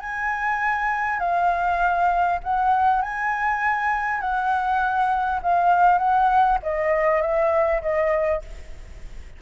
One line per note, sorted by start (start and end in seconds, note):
0.00 1.19 G#5
1.19 2.39 F5
2.43 3.01 F#5
3.01 4.20 G#5
4.20 5.40 F#5
5.42 5.98 F5
5.98 6.58 F#5
6.62 7.21 D#5
7.21 7.81 E5
7.81 8.41 D#5